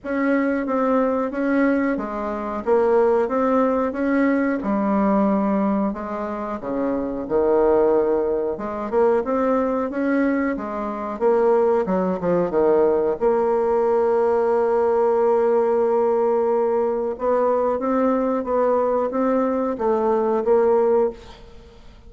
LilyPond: \new Staff \with { instrumentName = "bassoon" } { \time 4/4 \tempo 4 = 91 cis'4 c'4 cis'4 gis4 | ais4 c'4 cis'4 g4~ | g4 gis4 cis4 dis4~ | dis4 gis8 ais8 c'4 cis'4 |
gis4 ais4 fis8 f8 dis4 | ais1~ | ais2 b4 c'4 | b4 c'4 a4 ais4 | }